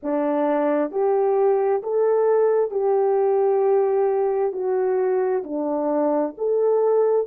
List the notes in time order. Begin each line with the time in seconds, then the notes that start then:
0.02 D4
0.91 G4
1.83 A4
2.70 G4
4.52 F#4
5.43 D4
6.37 A4